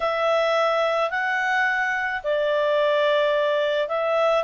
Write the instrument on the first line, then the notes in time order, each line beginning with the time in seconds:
clarinet
0.00 E5
1.10 F#5
2.23 D5
3.88 E5